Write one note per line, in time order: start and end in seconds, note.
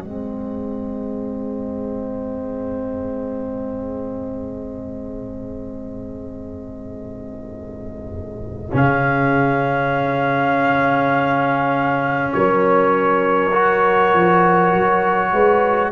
0.00 8.72 G#3
0.00 8.72 C4
0.00 12.35 G#4
0.00 8.70 D#5
8.72 12.34 C#3
8.72 13.52 C#4
8.72 12.33 F5
12.33 14.14 F#3
12.33 15.33 A#4
12.33 15.92 C#5
13.53 15.92 F#4
14.14 14.73 F3
14.73 15.33 F#3
15.33 15.92 G#3
15.33 15.92 B4